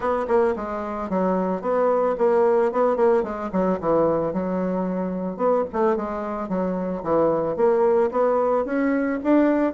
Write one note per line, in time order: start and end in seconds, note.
0.00 0.26 B3
0.27 0.54 A#3
0.56 1.09 G#3
1.09 1.61 F#3
1.61 2.15 B3
2.18 2.72 A#3
2.72 2.96 B3
2.96 3.23 A#3
3.23 3.50 G#3
3.52 3.79 F#3
3.80 4.33 E3
4.33 5.37 F#3
5.37 5.64 B3
5.72 5.96 A3
5.96 6.48 G#3
6.48 7.02 F#3
7.03 7.56 E3
7.56 8.10 A#3
8.11 8.65 B3
8.65 9.19 C#4
9.23 9.73 D4